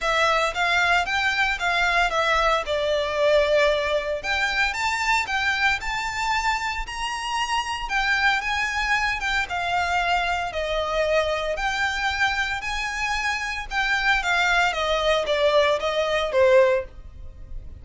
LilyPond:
\new Staff \with { instrumentName = "violin" } { \time 4/4 \tempo 4 = 114 e''4 f''4 g''4 f''4 | e''4 d''2. | g''4 a''4 g''4 a''4~ | a''4 ais''2 g''4 |
gis''4. g''8 f''2 | dis''2 g''2 | gis''2 g''4 f''4 | dis''4 d''4 dis''4 c''4 | }